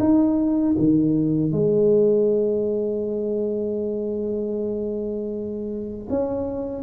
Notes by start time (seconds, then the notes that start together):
0.00 D#4
0.78 D#3
1.52 G#3
6.10 C#4